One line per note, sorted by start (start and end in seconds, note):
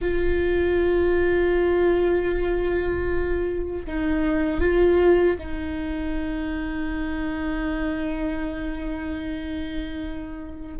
0.01 3.85 F4
3.86 4.60 D#4
4.60 5.37 F4
5.38 10.77 D#4